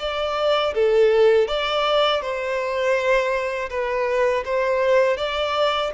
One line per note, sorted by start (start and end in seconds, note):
0.00 0.74 D5
0.74 1.48 A4
1.48 2.22 D5
2.22 3.70 C5
3.70 4.44 B4
4.45 5.17 C5
5.17 5.91 D5